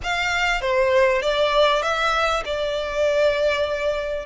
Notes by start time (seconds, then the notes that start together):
0.03 F5
0.61 C5
1.21 D5
1.82 E5
2.45 D5